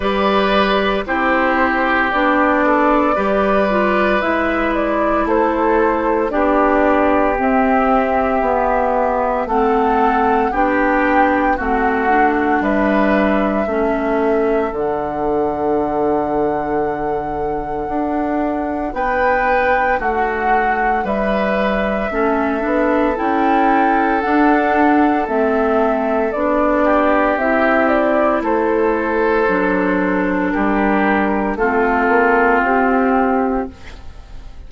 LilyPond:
<<
  \new Staff \with { instrumentName = "flute" } { \time 4/4 \tempo 4 = 57 d''4 c''4 d''2 | e''8 d''8 c''4 d''4 e''4~ | e''4 fis''4 g''4 fis''4 | e''2 fis''2~ |
fis''2 g''4 fis''4 | e''2 g''4 fis''4 | e''4 d''4 e''8 d''8 c''4~ | c''4 ais'4 a'4 g'4 | }
  \new Staff \with { instrumentName = "oboe" } { \time 4/4 b'4 g'4. a'8 b'4~ | b'4 a'4 g'2~ | g'4 a'4 g'4 fis'4 | b'4 a'2.~ |
a'2 b'4 fis'4 | b'4 a'2.~ | a'4. g'4. a'4~ | a'4 g'4 f'2 | }
  \new Staff \with { instrumentName = "clarinet" } { \time 4/4 g'4 e'4 d'4 g'8 f'8 | e'2 d'4 c'4 | b4 c'4 d'4 c'8 d'8~ | d'4 cis'4 d'2~ |
d'1~ | d'4 cis'8 d'8 e'4 d'4 | c'4 d'4 e'2 | d'2 c'2 | }
  \new Staff \with { instrumentName = "bassoon" } { \time 4/4 g4 c'4 b4 g4 | gis4 a4 b4 c'4 | b4 a4 b4 a4 | g4 a4 d2~ |
d4 d'4 b4 a4 | g4 a8 b8 cis'4 d'4 | a4 b4 c'4 a4 | fis4 g4 a8 ais8 c'4 | }
>>